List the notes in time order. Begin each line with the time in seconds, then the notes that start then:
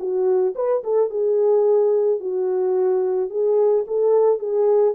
0.00 F#4
0.56 B4
0.84 A4
1.10 G#4
2.20 F#4
3.31 G#4
3.88 A4
4.40 G#4